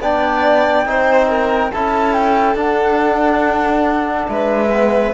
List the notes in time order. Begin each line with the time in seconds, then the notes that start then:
0.00 B3 D4 D5 G5
0.85 C4 D#4 C5
1.29 A#4
1.71 C#4 E4 A4 A5
2.13 G5
2.55 D4 F#5
4.28 G#3 B4 E5
4.72 B3